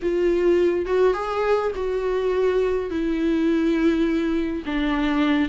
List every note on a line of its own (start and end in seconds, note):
0.02 0.86 F4
0.86 1.13 F#4
1.13 1.71 G#4
1.75 2.90 F#4
2.90 4.63 E4
4.65 5.49 D4